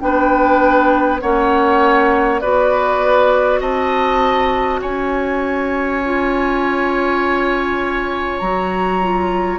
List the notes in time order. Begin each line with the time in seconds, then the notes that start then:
0.00 B3 D4 B4 G5
1.20 A#3 C#4 C#5 F#5
2.40 B3 F#4 B4 D5
3.60 C4 D#5 A5
4.82 C#4 C#5 G#5
6.05 F4
8.39 F#3 F#4 A#5
9.02 F4